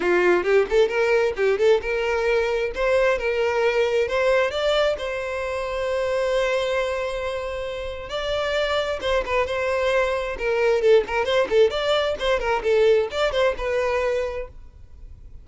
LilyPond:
\new Staff \with { instrumentName = "violin" } { \time 4/4 \tempo 4 = 133 f'4 g'8 a'8 ais'4 g'8 a'8 | ais'2 c''4 ais'4~ | ais'4 c''4 d''4 c''4~ | c''1~ |
c''2 d''2 | c''8 b'8 c''2 ais'4 | a'8 ais'8 c''8 a'8 d''4 c''8 ais'8 | a'4 d''8 c''8 b'2 | }